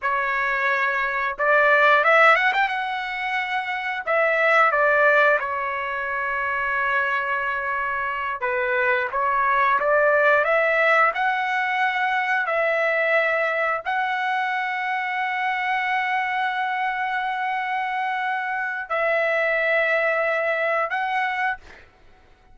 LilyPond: \new Staff \with { instrumentName = "trumpet" } { \time 4/4 \tempo 4 = 89 cis''2 d''4 e''8 fis''16 g''16 | fis''2 e''4 d''4 | cis''1~ | cis''8 b'4 cis''4 d''4 e''8~ |
e''8 fis''2 e''4.~ | e''8 fis''2.~ fis''8~ | fis''1 | e''2. fis''4 | }